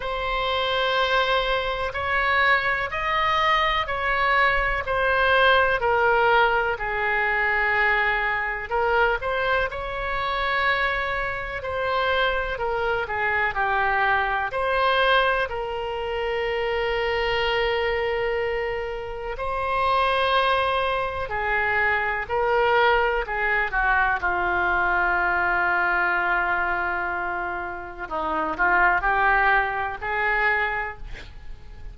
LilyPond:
\new Staff \with { instrumentName = "oboe" } { \time 4/4 \tempo 4 = 62 c''2 cis''4 dis''4 | cis''4 c''4 ais'4 gis'4~ | gis'4 ais'8 c''8 cis''2 | c''4 ais'8 gis'8 g'4 c''4 |
ais'1 | c''2 gis'4 ais'4 | gis'8 fis'8 f'2.~ | f'4 dis'8 f'8 g'4 gis'4 | }